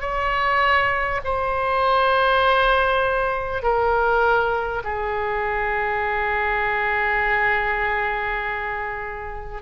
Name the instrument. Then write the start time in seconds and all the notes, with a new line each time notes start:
oboe
0.00 C#5
1.24 C5
3.62 A#4
4.84 G#4